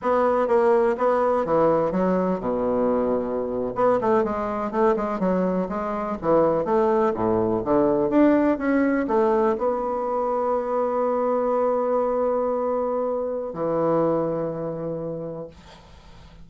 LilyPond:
\new Staff \with { instrumentName = "bassoon" } { \time 4/4 \tempo 4 = 124 b4 ais4 b4 e4 | fis4 b,2~ b,8. b16~ | b16 a8 gis4 a8 gis8 fis4 gis16~ | gis8. e4 a4 a,4 d16~ |
d8. d'4 cis'4 a4 b16~ | b1~ | b1 | e1 | }